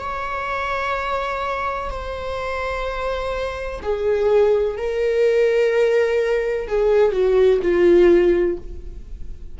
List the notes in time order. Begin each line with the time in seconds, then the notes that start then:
0.00 C#5
1.90 C5
3.82 G#4
4.77 A#4
6.68 G#4
7.13 F#4
7.63 F4